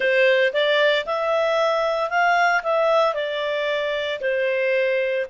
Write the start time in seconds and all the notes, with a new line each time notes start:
0.00 C5
0.53 D5
1.06 E5
2.10 F5
2.63 E5
3.14 D5
4.21 C5